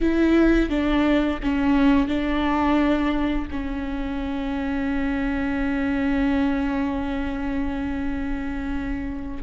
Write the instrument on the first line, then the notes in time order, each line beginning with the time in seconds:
viola
0.00 E4
0.69 D4
1.42 C#4
2.07 D4
3.50 C#4